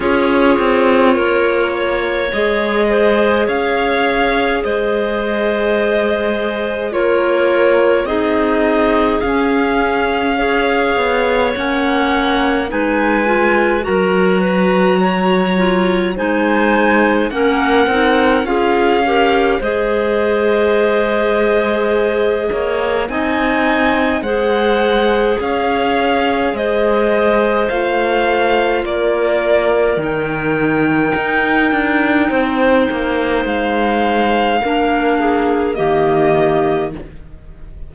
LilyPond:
<<
  \new Staff \with { instrumentName = "violin" } { \time 4/4 \tempo 4 = 52 cis''2 dis''4 f''4 | dis''2 cis''4 dis''4 | f''2 fis''4 gis''4 | ais''2 gis''4 fis''4 |
f''4 dis''2. | gis''4 fis''4 f''4 dis''4 | f''4 d''4 g''2~ | g''4 f''2 dis''4 | }
  \new Staff \with { instrumentName = "clarinet" } { \time 4/4 gis'4 ais'8 cis''4 c''8 cis''4 | c''2 ais'4 gis'4~ | gis'4 cis''2 b'4 | ais'8 b'8 cis''4 c''4 ais'4 |
gis'8 ais'8 c''2~ c''8 cis''8 | dis''4 c''4 cis''4 c''4~ | c''4 ais'2. | c''2 ais'8 gis'8 g'4 | }
  \new Staff \with { instrumentName = "clarinet" } { \time 4/4 f'2 gis'2~ | gis'2 f'4 dis'4 | cis'4 gis'4 cis'4 dis'8 f'8 | fis'4. f'8 dis'4 cis'8 dis'8 |
f'8 g'8 gis'2. | dis'4 gis'2. | f'2 dis'2~ | dis'2 d'4 ais4 | }
  \new Staff \with { instrumentName = "cello" } { \time 4/4 cis'8 c'8 ais4 gis4 cis'4 | gis2 ais4 c'4 | cis'4. b8 ais4 gis4 | fis2 gis4 ais8 c'8 |
cis'4 gis2~ gis8 ais8 | c'4 gis4 cis'4 gis4 | a4 ais4 dis4 dis'8 d'8 | c'8 ais8 gis4 ais4 dis4 | }
>>